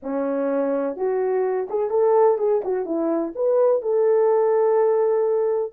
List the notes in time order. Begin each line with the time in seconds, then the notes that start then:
0.02 C#4
0.96 F#4
1.69 G#4
1.90 A4
2.38 G#4
2.64 F#4
2.85 E4
3.35 B4
3.82 A4